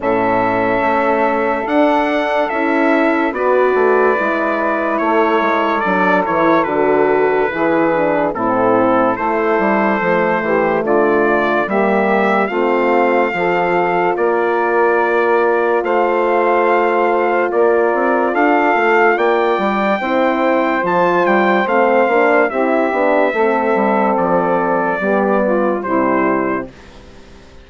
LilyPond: <<
  \new Staff \with { instrumentName = "trumpet" } { \time 4/4 \tempo 4 = 72 e''2 fis''4 e''4 | d''2 cis''4 d''8 cis''8 | b'2 a'4 c''4~ | c''4 d''4 e''4 f''4~ |
f''4 d''2 f''4~ | f''4 d''4 f''4 g''4~ | g''4 a''8 g''8 f''4 e''4~ | e''4 d''2 c''4 | }
  \new Staff \with { instrumentName = "saxophone" } { \time 4/4 a'1 | b'2 a'2~ | a'4 gis'4 e'4 a'4~ | a'8 g'8 f'4 g'4 f'4 |
a'4 ais'2 c''4~ | c''4 ais'4 a'4 d''4 | c''2. g'4 | a'2 g'8 f'8 e'4 | }
  \new Staff \with { instrumentName = "horn" } { \time 4/4 cis'2 d'4 e'4 | fis'4 e'2 d'8 e'8 | fis'4 e'8 d'8 c'4 e'4 | a2 ais4 c'4 |
f'1~ | f'1 | e'4 f'4 c'8 d'8 e'8 d'8 | c'2 b4 g4 | }
  \new Staff \with { instrumentName = "bassoon" } { \time 4/4 a,4 a4 d'4 cis'4 | b8 a8 gis4 a8 gis8 fis8 e8 | d4 e4 a,4 a8 g8 | f8 e8 d4 g4 a4 |
f4 ais2 a4~ | a4 ais8 c'8 d'8 a8 ais8 g8 | c'4 f8 g8 a8 ais8 c'8 b8 | a8 g8 f4 g4 c4 | }
>>